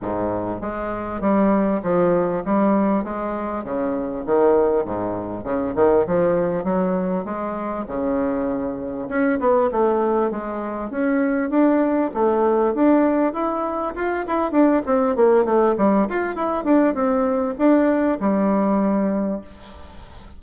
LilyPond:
\new Staff \with { instrumentName = "bassoon" } { \time 4/4 \tempo 4 = 99 gis,4 gis4 g4 f4 | g4 gis4 cis4 dis4 | gis,4 cis8 dis8 f4 fis4 | gis4 cis2 cis'8 b8 |
a4 gis4 cis'4 d'4 | a4 d'4 e'4 f'8 e'8 | d'8 c'8 ais8 a8 g8 f'8 e'8 d'8 | c'4 d'4 g2 | }